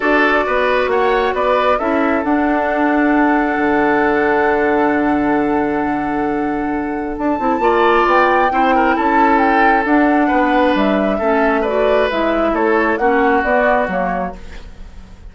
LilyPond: <<
  \new Staff \with { instrumentName = "flute" } { \time 4/4 \tempo 4 = 134 d''2 fis''4 d''4 | e''4 fis''2.~ | fis''1~ | fis''1 |
a''2 g''2 | a''4 g''4 fis''2 | e''2 d''4 e''4 | cis''4 fis''4 d''4 cis''4 | }
  \new Staff \with { instrumentName = "oboe" } { \time 4/4 a'4 b'4 cis''4 b'4 | a'1~ | a'1~ | a'1~ |
a'4 d''2 c''8 ais'8 | a'2. b'4~ | b'4 a'4 b'2 | a'4 fis'2. | }
  \new Staff \with { instrumentName = "clarinet" } { \time 4/4 fis'1 | e'4 d'2.~ | d'1~ | d'1~ |
d'8 e'8 f'2 e'4~ | e'2 d'2~ | d'4 cis'4 fis'4 e'4~ | e'4 cis'4 b4 ais4 | }
  \new Staff \with { instrumentName = "bassoon" } { \time 4/4 d'4 b4 ais4 b4 | cis'4 d'2. | d1~ | d1 |
d'8 c'8 ais4 b4 c'4 | cis'2 d'4 b4 | g4 a2 gis4 | a4 ais4 b4 fis4 | }
>>